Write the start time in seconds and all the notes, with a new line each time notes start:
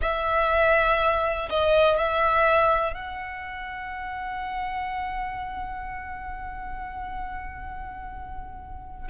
0.01 E5
1.49 D#5
1.97 E5
2.93 F#5